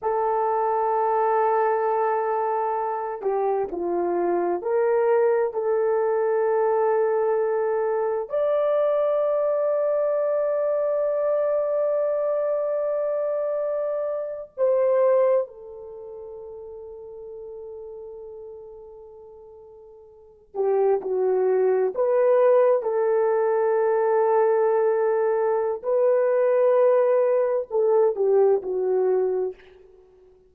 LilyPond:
\new Staff \with { instrumentName = "horn" } { \time 4/4 \tempo 4 = 65 a'2.~ a'8 g'8 | f'4 ais'4 a'2~ | a'4 d''2.~ | d''2.~ d''8. c''16~ |
c''8. a'2.~ a'16~ | a'2~ a'16 g'8 fis'4 b'16~ | b'8. a'2.~ a'16 | b'2 a'8 g'8 fis'4 | }